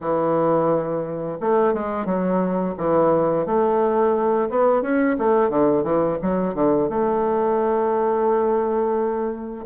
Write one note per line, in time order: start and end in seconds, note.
0.00 1.38 E3
1.40 1.73 A3
1.73 2.05 G#3
2.05 2.74 F#3
2.77 3.45 E3
3.45 4.49 A3
4.49 4.82 B3
4.82 5.16 C#4
5.18 5.49 A3
5.49 5.83 D3
5.83 6.18 E3
6.21 6.54 F#3
6.54 6.89 D3
6.89 9.65 A3